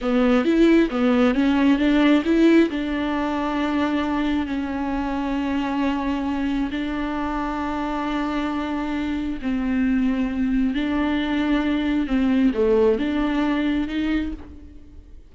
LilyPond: \new Staff \with { instrumentName = "viola" } { \time 4/4 \tempo 4 = 134 b4 e'4 b4 cis'4 | d'4 e'4 d'2~ | d'2 cis'2~ | cis'2. d'4~ |
d'1~ | d'4 c'2. | d'2. c'4 | a4 d'2 dis'4 | }